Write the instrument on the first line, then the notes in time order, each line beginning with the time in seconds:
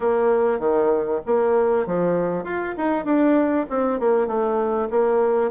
bassoon
0.00 A#3
0.59 D#3
1.26 A#3
1.86 F3
2.44 F4
2.77 D#4
3.04 D4
3.69 C4
3.99 A#3
4.27 A3
4.90 A#3